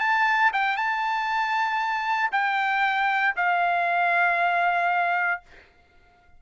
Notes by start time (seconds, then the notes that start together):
0.00 A5
0.53 G5
0.76 A5
2.32 G5
3.36 F5